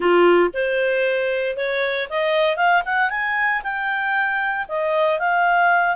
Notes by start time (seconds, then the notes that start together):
0.00 F4
0.53 C5
1.56 C#5
2.09 D#5
2.56 F5
2.85 F#5
3.10 G#5
3.63 G5
4.68 D#5
5.19 F5